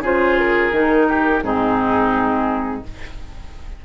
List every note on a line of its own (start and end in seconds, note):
0.00 0.70 C#3
0.00 0.72 F4
0.00 1.06 G#4
0.00 0.39 C5
0.39 1.43 A#4
0.71 1.41 D#3
0.71 1.42 D#4
1.08 1.43 G4
1.42 2.82 G#2
1.42 2.83 C4
1.42 2.84 D#4
1.42 2.83 G#4